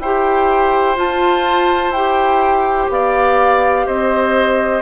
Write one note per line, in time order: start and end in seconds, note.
0.00 0.97 E4
0.00 0.97 G4
0.00 2.92 C5
0.00 0.97 G5
0.97 1.93 F4
0.97 1.91 F4
0.97 1.92 A5
1.91 2.87 E4
1.91 4.82 G4
1.91 2.89 G5
2.89 3.86 B3
2.89 3.86 D5
2.89 3.87 F5
3.86 4.82 C4
3.86 4.82 C5
3.86 4.82 D#5